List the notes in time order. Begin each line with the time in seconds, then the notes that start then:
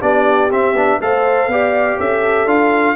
0.00 B3 D4 G4 D5
0.50 C4 E5
0.73 B3 D4
1.00 A3 A4 C5 F5
1.47 B3 G4 D5
1.98 C#4 A4 E5
2.45 D4 F4 F5